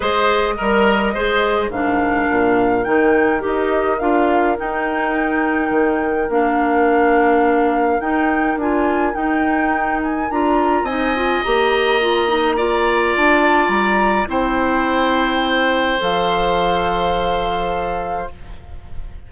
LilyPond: <<
  \new Staff \with { instrumentName = "flute" } { \time 4/4 \tempo 4 = 105 dis''2. f''4~ | f''4 g''4 dis''4 f''4 | g''2. f''4~ | f''2 g''4 gis''4 |
g''4. gis''8 ais''4 gis''4 | ais''2. a''4 | ais''4 g''2. | f''1 | }
  \new Staff \with { instrumentName = "oboe" } { \time 4/4 c''4 ais'4 c''4 ais'4~ | ais'1~ | ais'1~ | ais'1~ |
ais'2. dis''4~ | dis''2 d''2~ | d''4 c''2.~ | c''1 | }
  \new Staff \with { instrumentName = "clarinet" } { \time 4/4 gis'4 ais'4 gis'4 d'4~ | d'4 dis'4 g'4 f'4 | dis'2. d'4~ | d'2 dis'4 f'4 |
dis'2 f'4 dis'8 f'8 | g'4 f'8 dis'8 f'2~ | f'4 e'2. | a'1 | }
  \new Staff \with { instrumentName = "bassoon" } { \time 4/4 gis4 g4 gis4 gis,4 | ais,4 dis4 dis'4 d'4 | dis'2 dis4 ais4~ | ais2 dis'4 d'4 |
dis'2 d'4 c'4 | ais2. d'4 | g4 c'2. | f1 | }
>>